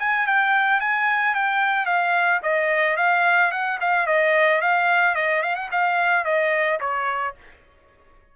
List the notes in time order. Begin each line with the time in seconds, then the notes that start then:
0.00 G#5
0.27 G5
0.81 G#5
1.35 G5
1.86 F5
2.43 D#5
2.97 F5
3.52 F#5
3.81 F5
4.07 D#5
4.62 F5
5.16 D#5
5.43 F5
5.56 F#5
5.72 F5
6.25 D#5
6.81 C#5